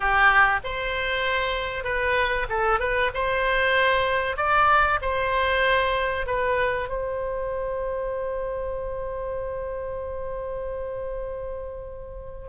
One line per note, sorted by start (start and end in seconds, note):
0.00 0.59 G4
0.64 1.84 C5
1.84 2.46 B4
2.49 2.79 A4
2.79 3.10 B4
3.14 4.37 C5
4.37 4.99 D5
5.01 6.26 C5
6.26 6.89 B4
6.89 12.48 C5